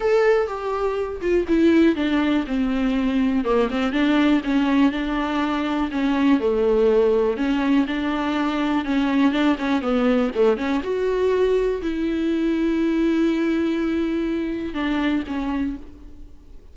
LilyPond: \new Staff \with { instrumentName = "viola" } { \time 4/4 \tempo 4 = 122 a'4 g'4. f'8 e'4 | d'4 c'2 ais8 c'8 | d'4 cis'4 d'2 | cis'4 a2 cis'4 |
d'2 cis'4 d'8 cis'8 | b4 a8 cis'8 fis'2 | e'1~ | e'2 d'4 cis'4 | }